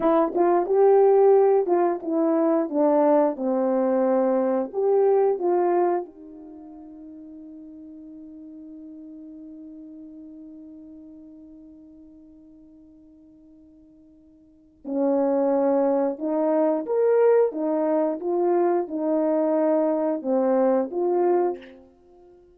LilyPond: \new Staff \with { instrumentName = "horn" } { \time 4/4 \tempo 4 = 89 e'8 f'8 g'4. f'8 e'4 | d'4 c'2 g'4 | f'4 dis'2.~ | dis'1~ |
dis'1~ | dis'2 cis'2 | dis'4 ais'4 dis'4 f'4 | dis'2 c'4 f'4 | }